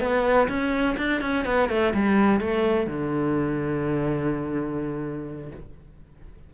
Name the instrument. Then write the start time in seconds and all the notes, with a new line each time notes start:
cello
0.00 B3
0.48 C#4
0.98 D4
1.22 C#4
1.45 B3
1.69 A3
1.94 G3
2.41 A3
2.87 D3